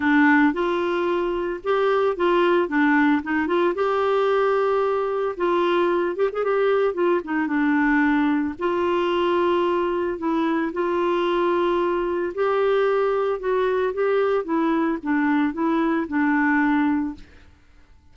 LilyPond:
\new Staff \with { instrumentName = "clarinet" } { \time 4/4 \tempo 4 = 112 d'4 f'2 g'4 | f'4 d'4 dis'8 f'8 g'4~ | g'2 f'4. g'16 gis'16 | g'4 f'8 dis'8 d'2 |
f'2. e'4 | f'2. g'4~ | g'4 fis'4 g'4 e'4 | d'4 e'4 d'2 | }